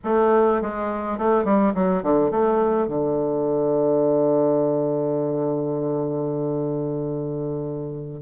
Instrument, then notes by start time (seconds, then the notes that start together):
bassoon
0.04 A3
0.61 G#3
1.17 A3
1.44 G3
1.74 F#3
2.02 D3
2.31 A3
2.87 D3